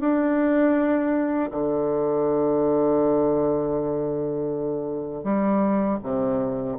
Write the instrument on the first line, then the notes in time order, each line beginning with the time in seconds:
bassoon
0.00 D4
1.51 D3
5.23 G3
6.02 C3